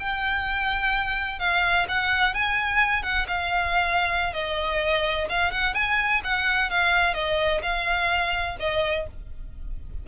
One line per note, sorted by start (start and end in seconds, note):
0.00 1.40 G5
1.40 1.87 F5
1.89 2.34 F#5
2.34 3.03 G#5
3.03 3.27 F#5
3.28 4.34 F5
4.34 5.28 D#5
5.29 5.52 F5
5.52 5.74 F#5
5.74 6.22 G#5
6.24 6.70 F#5
6.70 7.14 F5
7.14 7.61 D#5
7.63 8.57 F5
8.60 9.07 D#5